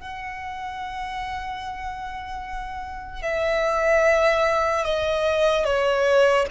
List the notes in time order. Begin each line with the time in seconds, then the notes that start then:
0.00 F#5
3.22 E5
4.84 D#5
5.64 C#5